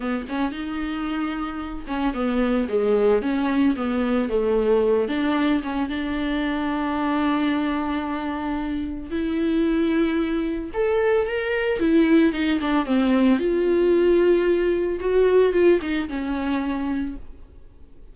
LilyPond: \new Staff \with { instrumentName = "viola" } { \time 4/4 \tempo 4 = 112 b8 cis'8 dis'2~ dis'8 cis'8 | b4 gis4 cis'4 b4 | a4. d'4 cis'8 d'4~ | d'1~ |
d'4 e'2. | a'4 ais'4 e'4 dis'8 d'8 | c'4 f'2. | fis'4 f'8 dis'8 cis'2 | }